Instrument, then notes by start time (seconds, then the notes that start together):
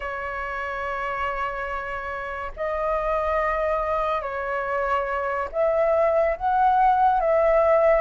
flute
0.00 C#5
2.56 D#5
4.21 C#5
5.52 E5
6.36 F#5
7.20 E5